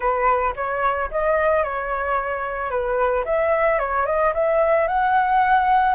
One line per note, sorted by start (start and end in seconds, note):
0.00 0.54 B4
0.56 1.10 C#5
1.11 1.63 D#5
1.63 2.70 C#5
2.70 3.24 B4
3.25 3.78 E5
3.78 4.05 C#5
4.06 4.33 D#5
4.33 4.87 E5
4.87 5.94 F#5